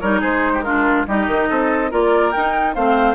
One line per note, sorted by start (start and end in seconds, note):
0.00 0.23 G3
0.00 0.65 D#4
0.00 0.21 A#4
0.00 0.21 C#5
0.21 1.07 G#3
0.21 0.52 G#4
0.21 0.62 C5
0.54 0.64 G4
0.62 1.07 D4
0.62 1.07 F4
0.62 1.04 A#4
1.08 1.28 G3
1.08 1.91 D#4
1.08 1.49 G4
1.08 1.93 D#5
1.28 1.49 D#3
1.49 1.92 C4
1.49 1.91 A4
1.91 2.34 A#3
1.91 2.33 F4
1.91 2.75 A#4
1.91 2.32 D5
2.32 2.75 D#4
2.32 2.76 D#4
2.32 2.74 G5
2.75 3.15 A3
2.75 3.15 C4
2.75 3.15 C5
2.75 3.15 F5